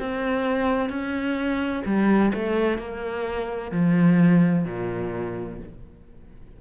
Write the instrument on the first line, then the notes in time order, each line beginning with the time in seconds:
cello
0.00 C4
0.90 C#4
1.86 G3
2.34 A3
2.79 A#3
3.72 F3
4.66 A#2